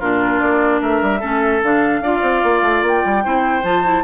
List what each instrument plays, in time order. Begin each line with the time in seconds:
0.00 bassoon A#2, clarinet D4, oboe F4, flute A#4
0.40 bassoon A#3, flute D5
0.82 bassoon A3, oboe A#4, flute E5
1.02 bassoon G3
1.20 bassoon A3, clarinet C#4, oboe A4
1.63 bassoon D3, clarinet D4, flute F5
2.01 bassoon D4, clarinet F4, oboe D5
2.22 bassoon C4
2.44 bassoon A#3
2.63 bassoon A3
2.83 bassoon A#3, flute G5
3.05 bassoon G3
3.24 bassoon C4, clarinet E4, oboe C5
3.63 bassoon F3, clarinet F4, flute A5
3.84 clarinet E4